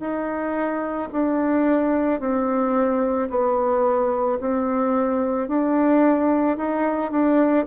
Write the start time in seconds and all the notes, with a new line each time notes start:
0.00 D#4
1.13 D4
2.20 C4
3.30 B3
4.40 C4
5.48 D4
6.58 D#4
7.11 D4